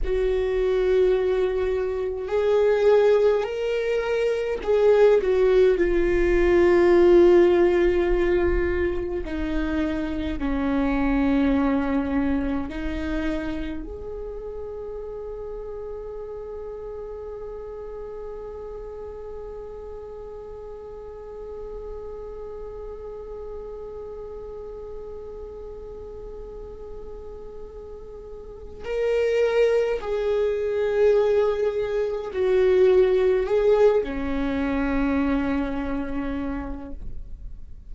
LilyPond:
\new Staff \with { instrumentName = "viola" } { \time 4/4 \tempo 4 = 52 fis'2 gis'4 ais'4 | gis'8 fis'8 f'2. | dis'4 cis'2 dis'4 | gis'1~ |
gis'1~ | gis'1~ | gis'4 ais'4 gis'2 | fis'4 gis'8 cis'2~ cis'8 | }